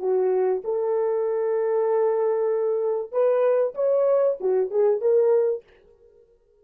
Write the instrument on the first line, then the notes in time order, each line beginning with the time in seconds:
horn
0.00 F#4
0.65 A4
3.12 B4
3.75 C#5
4.41 F#4
4.71 G#4
5.01 A#4